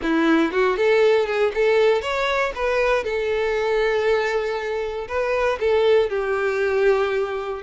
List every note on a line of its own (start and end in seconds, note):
0.02 0.52 E4
0.52 0.76 F#4
0.76 1.26 A4
1.26 1.52 G#4
1.54 2.01 A4
2.01 2.52 C#5
2.55 3.04 B4
3.04 5.07 A4
5.07 5.58 B4
5.59 6.09 A4
6.09 7.62 G4